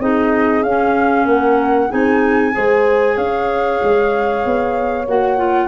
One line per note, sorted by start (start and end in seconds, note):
0.00 0.63 C4
0.00 0.64 D#4
0.00 1.27 G#4
0.00 0.64 D#5
0.63 1.26 C#4
0.63 1.90 C#4
0.63 1.27 F5
1.26 1.89 A#3
1.26 1.90 A#4
1.26 1.92 F#5
1.90 2.56 C4
1.90 2.52 D#4
1.90 2.53 G#4
1.90 3.17 G#5
2.52 3.18 G#3
2.52 5.05 G#4
2.52 3.16 C5
3.16 3.81 C#4
3.16 5.68 C#5
3.16 5.07 F5
3.83 4.46 G#3
4.46 5.08 B3
5.08 5.68 A#3
5.08 5.37 F#4
5.08 5.68 F#5
5.37 5.68 F4